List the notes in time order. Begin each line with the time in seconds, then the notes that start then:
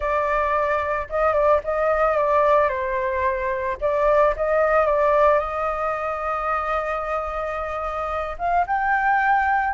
0.00 D5
1.09 D#5
1.33 D5
1.63 D#5
2.17 D5
2.69 C5
3.80 D5
4.36 D#5
4.86 D5
5.39 D#5
8.38 F5
8.66 G5